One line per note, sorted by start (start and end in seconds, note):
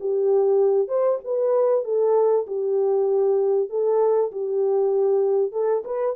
0.00 0.88 G4
0.88 1.19 C5
1.25 1.84 B4
1.84 2.46 A4
2.47 3.69 G4
3.69 4.31 A4
4.32 5.52 G4
5.52 5.83 A4
5.85 6.16 B4